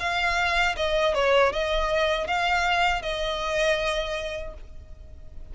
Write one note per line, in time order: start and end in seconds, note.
0.00 0.76 F5
0.77 1.15 D#5
1.15 1.53 C#5
1.53 2.27 D#5
2.27 3.02 F5
3.02 4.54 D#5